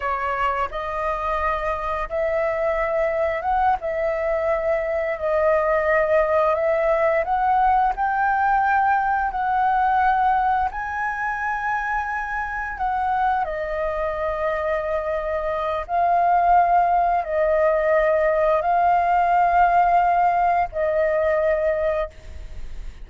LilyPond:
\new Staff \with { instrumentName = "flute" } { \time 4/4 \tempo 4 = 87 cis''4 dis''2 e''4~ | e''4 fis''8 e''2 dis''8~ | dis''4. e''4 fis''4 g''8~ | g''4. fis''2 gis''8~ |
gis''2~ gis''8 fis''4 dis''8~ | dis''2. f''4~ | f''4 dis''2 f''4~ | f''2 dis''2 | }